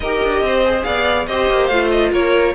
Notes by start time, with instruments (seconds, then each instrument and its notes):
0.00 cello D#4, viola G4, violin A#4 D#5
0.23 cello D4
0.41 cello C4, violin C5
0.64 viola G#4
0.83 cello B3, violin D5 F5
1.27 cello C4, viola G4, violin C5 D#5
1.49 cello A#3
1.66 cello A3, viola F4, violin F5
1.90 violin D#5
2.11 cello A#3, violin A#4 C#5